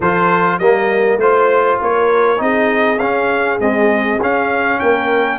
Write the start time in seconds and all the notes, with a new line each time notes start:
0.00 F3 F4 A4 C5
0.58 G3 A#3 A#4 D#5
1.16 A3 F4 C5
1.81 A#3 A#4 C#5
2.37 C4 D#4 G#4 D#5
2.98 C#4 F5
3.59 G#3 C4 D#5
4.19 C#4 F5
4.79 A#3 A#4 G5